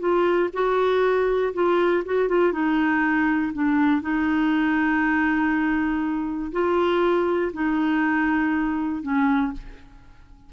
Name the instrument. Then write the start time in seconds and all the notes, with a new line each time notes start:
clarinet
0.00 F4
0.53 F#4
1.54 F4
2.05 F#4
2.29 F4
2.52 D#4
3.53 D4
4.02 D#4
6.52 F4
7.53 D#4
9.03 C#4